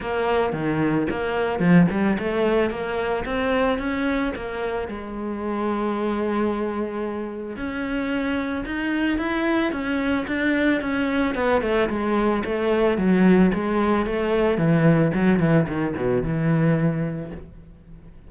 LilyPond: \new Staff \with { instrumentName = "cello" } { \time 4/4 \tempo 4 = 111 ais4 dis4 ais4 f8 g8 | a4 ais4 c'4 cis'4 | ais4 gis2.~ | gis2 cis'2 |
dis'4 e'4 cis'4 d'4 | cis'4 b8 a8 gis4 a4 | fis4 gis4 a4 e4 | fis8 e8 dis8 b,8 e2 | }